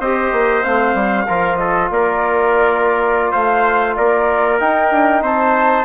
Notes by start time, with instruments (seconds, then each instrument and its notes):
0.00 bassoon C4, trombone G4, trumpet C5, flute D#5
0.32 bassoon A#3
0.64 bassoon A3, trombone C4, flute F5
0.95 bassoon G3
1.28 bassoon F3, trombone F4, trumpet A#4
1.57 trumpet A4, flute D#5
1.91 bassoon A#3, trumpet A#4, flute D5
3.31 bassoon A3, trumpet C5, flute F5
3.96 bassoon A#3, trumpet A#4, flute D5
4.60 trombone D#4, bassoon D#4, flute G5
4.91 bassoon D4
5.22 bassoon C4, trumpet C5, flute A5